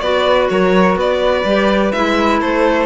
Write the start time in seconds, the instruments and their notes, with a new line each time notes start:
0.00 cello B3, clarinet F#4, flute B4, violin D5
0.49 cello F#3, flute A#4, violin C#5
0.96 cello B3, flute B4, violin D5
1.44 cello G3, clarinet G4
1.92 cello G#3, clarinet E4, violin E5
2.41 cello A3, flute A4, violin C5